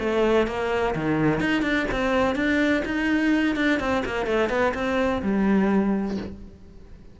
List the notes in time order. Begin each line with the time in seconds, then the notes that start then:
0.00 A3
0.47 A#3
0.96 D#3
1.40 D#4
1.63 D4
1.92 C4
2.36 D4
2.85 D#4
3.56 D4
3.80 C4
4.06 A#3
4.27 A3
4.50 B3
4.75 C4
5.23 G3